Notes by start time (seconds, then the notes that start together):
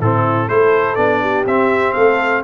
0.00 A2 C4 E4 A4
0.48 A3 E4 A4 C5
0.96 B3 D4 D5
1.21 G4
1.46 C4 E5
1.93 A3 A4 F5